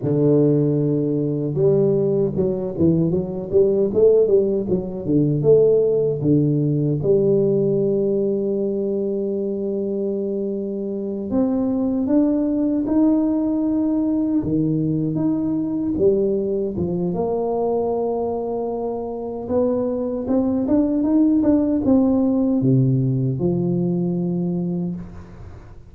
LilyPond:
\new Staff \with { instrumentName = "tuba" } { \time 4/4 \tempo 4 = 77 d2 g4 fis8 e8 | fis8 g8 a8 g8 fis8 d8 a4 | d4 g2.~ | g2~ g8 c'4 d'8~ |
d'8 dis'2 dis4 dis'8~ | dis'8 g4 f8 ais2~ | ais4 b4 c'8 d'8 dis'8 d'8 | c'4 c4 f2 | }